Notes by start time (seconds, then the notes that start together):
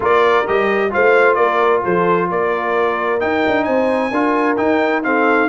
0.00 A#3 F4 A#4 D5
0.47 G3 G4 D#5
0.90 A3 F4 C5 F5
1.34 A#3 A#4 D5
1.83 F3 A4 C5
2.30 A#3 A#4 D5
3.19 D#4 G5
3.46 D4
3.63 C4 C5 G#5
4.10 D4 F4 A#4
4.56 D#4 G5
5.03 C4 A4 F5